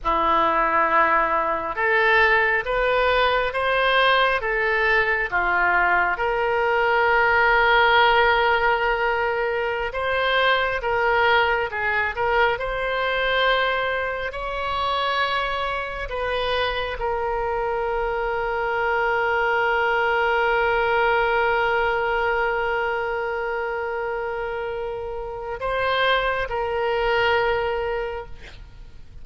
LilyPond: \new Staff \with { instrumentName = "oboe" } { \time 4/4 \tempo 4 = 68 e'2 a'4 b'4 | c''4 a'4 f'4 ais'4~ | ais'2.~ ais'16 c''8.~ | c''16 ais'4 gis'8 ais'8 c''4.~ c''16~ |
c''16 cis''2 b'4 ais'8.~ | ais'1~ | ais'1~ | ais'4 c''4 ais'2 | }